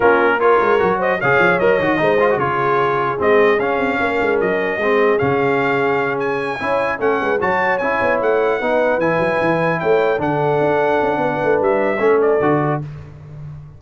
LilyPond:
<<
  \new Staff \with { instrumentName = "trumpet" } { \time 4/4 \tempo 4 = 150 ais'4 cis''4. dis''8 f''4 | dis''2 cis''2 | dis''4 f''2 dis''4~ | dis''4 f''2~ f''8 gis''8~ |
gis''4. fis''4 a''4 gis''8~ | gis''8 fis''2 gis''4.~ | gis''8 g''4 fis''2~ fis''8~ | fis''4 e''4. d''4. | }
  \new Staff \with { instrumentName = "horn" } { \time 4/4 f'4 ais'4. c''8 cis''4~ | cis''4 c''4 gis'2~ | gis'2 ais'2 | gis'1~ |
gis'8 cis''4 a'8 b'8 cis''4.~ | cis''4. b'2~ b'8~ | b'8 cis''4 a'2~ a'8 | b'2 a'2 | }
  \new Staff \with { instrumentName = "trombone" } { \time 4/4 cis'4 f'4 fis'4 gis'4 | ais'8 fis'8 dis'8 f'16 fis'16 f'2 | c'4 cis'2. | c'4 cis'2.~ |
cis'8 e'4 cis'4 fis'4 e'8~ | e'4. dis'4 e'4.~ | e'4. d'2~ d'8~ | d'2 cis'4 fis'4 | }
  \new Staff \with { instrumentName = "tuba" } { \time 4/4 ais4. gis8 fis4 cis8 f8 | fis8 dis8 gis4 cis2 | gis4 cis'8 c'8 ais8 gis8 fis4 | gis4 cis2.~ |
cis8 cis'4 a8 gis8 fis4 cis'8 | b8 a4 b4 e8 fis8 e8~ | e8 a4 d4 d'4 cis'8 | b8 a8 g4 a4 d4 | }
>>